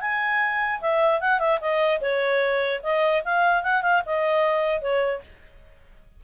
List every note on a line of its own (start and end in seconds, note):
0.00 0.80 G#5
0.81 1.20 E5
1.20 1.39 F#5
1.39 1.59 E5
1.60 2.00 D#5
2.01 2.81 C#5
2.83 3.23 D#5
3.24 3.63 F5
3.63 3.82 F#5
3.82 4.02 F5
4.06 4.81 D#5
4.81 5.21 C#5